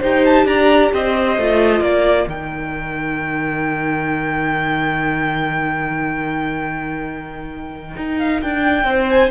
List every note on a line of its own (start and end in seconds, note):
0.00 0.45 D#4
0.00 1.39 G4
0.00 0.45 C5
0.00 0.26 G5
0.26 0.47 A5
0.45 0.91 D4
0.45 0.93 D5
0.45 0.92 A#5
0.94 1.38 C4
0.94 1.83 C5
0.94 1.84 D#5
1.38 1.81 A3
1.38 2.28 F4
1.81 2.27 A#3
1.81 8.88 A#4
1.81 2.29 D5
2.28 7.96 D#3
2.28 9.31 D#4
2.28 8.18 G5
7.97 8.43 D#4
8.18 8.41 F5
8.42 8.85 D4
8.42 9.10 G5
8.85 9.30 C4
8.85 9.31 C5
9.10 9.31 G#5